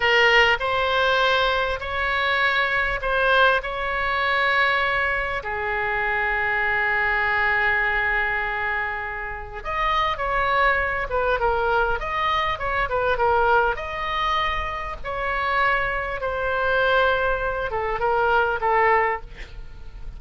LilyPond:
\new Staff \with { instrumentName = "oboe" } { \time 4/4 \tempo 4 = 100 ais'4 c''2 cis''4~ | cis''4 c''4 cis''2~ | cis''4 gis'2.~ | gis'1 |
dis''4 cis''4. b'8 ais'4 | dis''4 cis''8 b'8 ais'4 dis''4~ | dis''4 cis''2 c''4~ | c''4. a'8 ais'4 a'4 | }